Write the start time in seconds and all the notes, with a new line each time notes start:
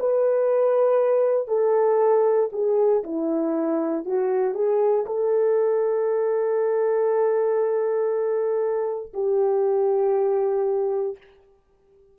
0.00 B4
1.48 A4
2.52 G#4
3.04 E4
4.05 F#4
4.54 G#4
5.06 A4
9.14 G4